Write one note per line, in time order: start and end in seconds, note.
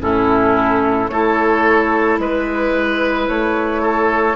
0.00 1.10 A2
0.00 1.09 C#4
0.00 1.11 E4
0.00 1.08 A4
1.08 2.19 A3
1.08 4.35 E4
1.08 2.20 A4
1.08 2.17 C#5
2.19 3.28 G#3
2.19 3.29 B4
2.19 3.82 B4
3.28 4.35 A3
3.28 4.35 C#5
3.82 4.35 A4